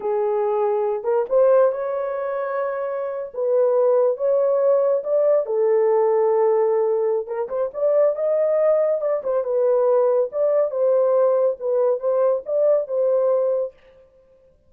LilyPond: \new Staff \with { instrumentName = "horn" } { \time 4/4 \tempo 4 = 140 gis'2~ gis'8 ais'8 c''4 | cis''2.~ cis''8. b'16~ | b'4.~ b'16 cis''2 d''16~ | d''8. a'2.~ a'16~ |
a'4 ais'8 c''8 d''4 dis''4~ | dis''4 d''8 c''8 b'2 | d''4 c''2 b'4 | c''4 d''4 c''2 | }